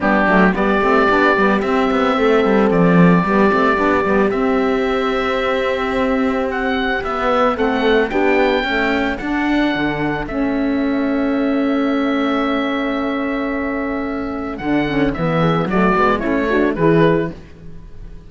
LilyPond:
<<
  \new Staff \with { instrumentName = "oboe" } { \time 4/4 \tempo 4 = 111 g'4 d''2 e''4~ | e''4 d''2. | e''1 | fis''4 e''4 fis''4 g''4~ |
g''4 fis''2 e''4~ | e''1~ | e''2. fis''4 | e''4 d''4 cis''4 b'4 | }
  \new Staff \with { instrumentName = "horn" } { \time 4/4 d'4 g'2. | a'2 g'2~ | g'1~ | g'2 a'4 g'4 |
a'1~ | a'1~ | a'1~ | a'8 gis'8 fis'4 e'8 fis'8 gis'4 | }
  \new Staff \with { instrumentName = "saxophone" } { \time 4/4 b8 a8 b8 c'8 d'8 b8 c'4~ | c'2 b8 c'8 d'8 b8 | c'1~ | c'4 b4 c'4 d'4 |
a4 d'2 cis'4~ | cis'1~ | cis'2. d'8 cis'8 | b4 a8 b8 cis'8 d'8 e'4 | }
  \new Staff \with { instrumentName = "cello" } { \time 4/4 g8 fis8 g8 a8 b8 g8 c'8 b8 | a8 g8 f4 g8 a8 b8 g8 | c'1~ | c'4 b4 a4 b4 |
cis'4 d'4 d4 a4~ | a1~ | a2. d4 | e4 fis8 gis8 a4 e4 | }
>>